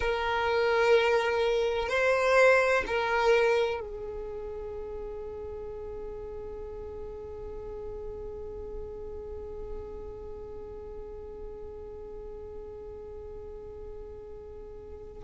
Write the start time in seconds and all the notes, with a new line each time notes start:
0.00 A#4
1.88 C5
2.87 A#4
3.80 G#4